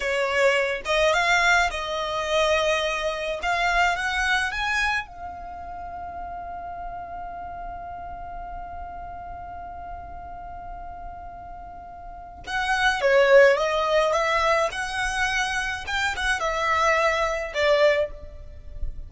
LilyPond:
\new Staff \with { instrumentName = "violin" } { \time 4/4 \tempo 4 = 106 cis''4. dis''8 f''4 dis''4~ | dis''2 f''4 fis''4 | gis''4 f''2.~ | f''1~ |
f''1~ | f''2 fis''4 cis''4 | dis''4 e''4 fis''2 | g''8 fis''8 e''2 d''4 | }